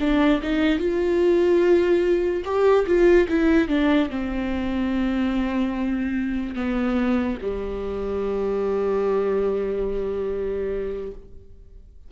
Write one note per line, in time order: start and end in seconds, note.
0.00 0.41 D4
0.43 0.79 D#4
0.79 2.44 F4
2.45 2.86 G4
2.87 3.28 F4
3.29 3.68 E4
3.68 4.09 D4
4.10 6.56 C4
6.56 7.38 B3
7.42 11.12 G3